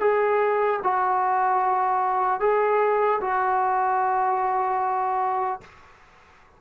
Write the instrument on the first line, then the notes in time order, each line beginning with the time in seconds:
trombone
0.00 G#4
0.83 F#4
2.40 G#4
3.21 F#4